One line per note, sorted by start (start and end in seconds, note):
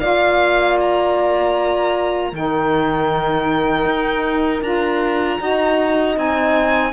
0.00 2.32 A#3
0.00 2.32 F4
0.00 2.31 D5
0.00 0.77 F5
0.81 2.34 A#5
2.32 3.85 D#3
2.32 4.63 D#4
2.32 5.41 A#4
2.32 4.62 G5
3.85 4.62 D#4
4.62 5.39 D4
4.62 5.39 F4
4.62 6.16 A#5
5.39 6.17 D#4
5.39 6.15 F#4
5.39 6.93 D#5
6.15 6.93 C4
6.15 6.92 D#4
6.15 6.93 G#5